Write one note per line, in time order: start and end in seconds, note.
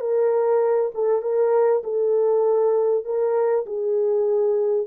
0.00 0.91 A#4
0.94 1.21 A4
1.21 1.82 A#4
1.83 3.04 A4
3.04 3.65 A#4
3.66 4.87 G#4